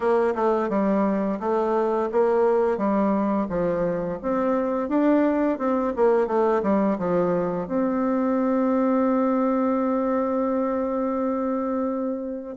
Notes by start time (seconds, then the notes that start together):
0.00 A#3
0.35 A3
0.69 G3
1.40 A3
2.12 A#3
2.77 G3
3.49 F3
4.22 C4
4.88 D4
5.58 C4
5.96 A#3
6.27 A3
6.62 G3
6.98 F3
7.67 C4